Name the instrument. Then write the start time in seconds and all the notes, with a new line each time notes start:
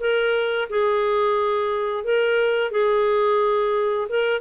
clarinet
0.00 A#4
0.70 G#4
2.04 A#4
2.71 G#4
4.09 A#4